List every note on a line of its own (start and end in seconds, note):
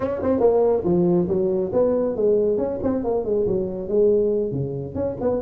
0.00 0.21 C#4
0.22 0.39 C4
0.39 0.83 A#3
0.84 1.27 F3
1.28 1.71 F#3
1.73 2.15 B3
2.15 2.57 G#3
2.57 2.79 C#4
2.82 3.04 C4
3.04 3.24 A#3
3.24 3.46 G#3
3.46 3.88 F#3
3.88 4.51 G#3
4.51 4.94 C#3
4.94 5.16 C#4
5.20 5.42 B3